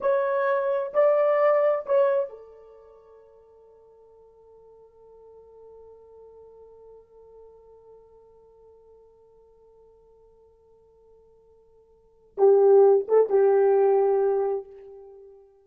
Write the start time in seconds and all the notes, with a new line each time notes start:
0.00 C#5
0.93 D5
1.86 C#5
2.29 A4
12.37 G4
13.08 A4
13.29 G4